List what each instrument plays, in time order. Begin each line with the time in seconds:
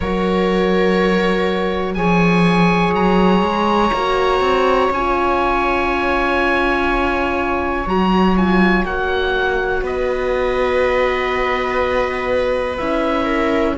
0.00 cello F#3, horn F#4, viola A#4, oboe C#5
1.94 cello F3, horn G#4, viola C#5, oboe G#5
2.94 cello F#3, oboe A#5
3.42 cello G#3
3.93 cello A#3, horn F#4
4.40 cello C4
4.90 cello C#4, horn F4, oboe G#5
7.86 cello F#3, horn F#4, oboe A#5
8.36 horn F4, oboe G#5
8.84 cello A#3, horn F#4, oboe F#5
9.82 cello B3, viola B4, oboe D#5
12.77 cello C#4, horn E4, oboe E5
13.24 viola A#4